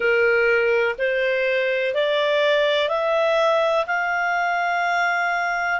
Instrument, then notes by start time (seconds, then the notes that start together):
clarinet
0.00 A#4
0.98 C5
1.94 D5
2.89 E5
3.87 F5